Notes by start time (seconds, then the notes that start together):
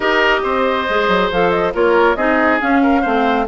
0.00 D#4 G4 A#4 D#5
0.43 C4 C5
0.89 G#3 G#4
1.08 F#3
1.31 F3 A4 F5
1.50 D#5
1.73 A#3 F4 A#4 C#5
2.15 C4 D#4 G#4 D#5
2.60 C#4 F5
2.82 A#4
3.01 A3 C4 C5